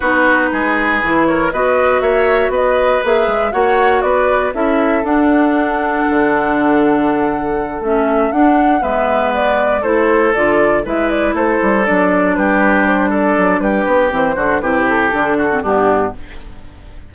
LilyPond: <<
  \new Staff \with { instrumentName = "flute" } { \time 4/4 \tempo 4 = 119 b'2~ b'8 cis''8 dis''4 | e''4 dis''4 e''4 fis''4 | d''4 e''4 fis''2~ | fis''2.~ fis''8 e''8~ |
e''8 fis''4 e''4 d''4 c''8~ | c''8 d''4 e''8 d''8 c''4 d''8~ | d''8 b'4 c''8 d''4 b'4 | c''4 b'8 a'4. g'4 | }
  \new Staff \with { instrumentName = "oboe" } { \time 4/4 fis'4 gis'4. ais'8 b'4 | cis''4 b'2 cis''4 | b'4 a'2.~ | a'1~ |
a'4. b'2 a'8~ | a'4. b'4 a'4.~ | a'8 g'4. a'4 g'4~ | g'8 fis'8 g'4. fis'8 d'4 | }
  \new Staff \with { instrumentName = "clarinet" } { \time 4/4 dis'2 e'4 fis'4~ | fis'2 gis'4 fis'4~ | fis'4 e'4 d'2~ | d'2.~ d'8 cis'8~ |
cis'8 d'4 b2 e'8~ | e'8 f'4 e'2 d'8~ | d'1 | c'8 d'8 e'4 d'8. c'16 b4 | }
  \new Staff \with { instrumentName = "bassoon" } { \time 4/4 b4 gis4 e4 b4 | ais4 b4 ais8 gis8 ais4 | b4 cis'4 d'2 | d2.~ d8 a8~ |
a8 d'4 gis2 a8~ | a8 d4 gis4 a8 g8 fis8~ | fis8 g2 fis8 g8 b8 | e8 d8 c4 d4 g,4 | }
>>